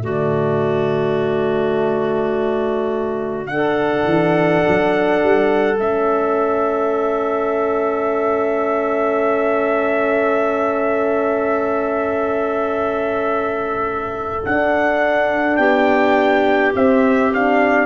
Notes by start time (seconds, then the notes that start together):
0.00 D3 A3 F#4 D5
3.46 D4 A4 F#5
4.05 E3
4.67 F#3
5.22 G3
5.78 A3 C#4 E5
14.43 D4 F#5
15.56 B3 G4 G5
16.74 C4 E5
17.33 D4 F5